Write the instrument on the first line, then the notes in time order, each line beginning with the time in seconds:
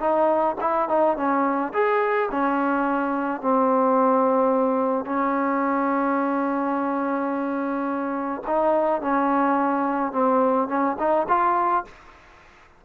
trombone
0.00 D#4
0.61 E4
0.89 D#4
1.17 C#4
1.74 G#4
2.32 C#4
3.41 C4
5.06 C#4
8.47 D#4
9.02 C#4
10.13 C4
10.69 C#4
11.00 D#4
11.29 F4